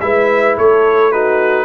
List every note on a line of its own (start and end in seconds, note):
0.00 0.57 G#3
0.00 1.13 E4
0.00 0.57 B4
0.00 0.56 E5
0.57 1.65 A3
0.57 1.12 A4
0.57 1.12 C#5
1.12 1.65 D#4
1.12 1.65 F#4
1.12 1.65 B4